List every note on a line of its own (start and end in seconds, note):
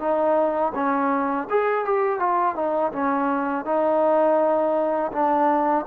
0.00 0.73 D#4
0.75 1.48 C#4
1.50 1.85 G#4
1.85 2.20 G4
2.20 2.56 F4
2.56 2.92 D#4
2.92 3.66 C#4
3.66 5.12 D#4
5.13 5.86 D4